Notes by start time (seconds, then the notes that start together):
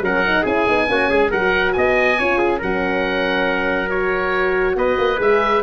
0.00 F#3 C#4 A#4 F#5
0.25 D#4
0.42 C#4 E4 G#4 G#5
0.67 B3 D#4
0.87 A#3 C#4 F#4
1.09 G#3 G#4
1.30 F#3 F#4 A#4 F#5
1.72 B3 D#5 G#5
2.18 C#4 F4 C#5
2.38 G#4
2.59 F#3 C#4 A#4 F#5
3.89 F#4 C#5
4.76 B3 B4 D#5
4.98 A#3
5.17 G#3 G#4 E5